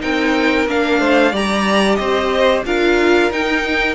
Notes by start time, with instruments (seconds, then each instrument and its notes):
0.00 cello C4, viola D#4, violin A#4 G5
0.66 cello A#3, viola D4, violin F5
0.99 cello A3, violin C5
1.31 cello G3, viola G4, violin D5 A#5
1.95 cello C4, violin C5 D#5
2.65 cello D4, viola F4, violin A#4 F5
3.31 viola D#4, cello D#4, violin G5